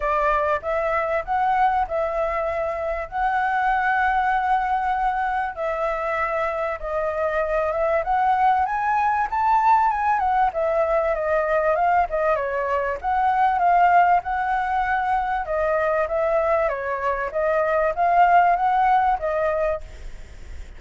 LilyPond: \new Staff \with { instrumentName = "flute" } { \time 4/4 \tempo 4 = 97 d''4 e''4 fis''4 e''4~ | e''4 fis''2.~ | fis''4 e''2 dis''4~ | dis''8 e''8 fis''4 gis''4 a''4 |
gis''8 fis''8 e''4 dis''4 f''8 dis''8 | cis''4 fis''4 f''4 fis''4~ | fis''4 dis''4 e''4 cis''4 | dis''4 f''4 fis''4 dis''4 | }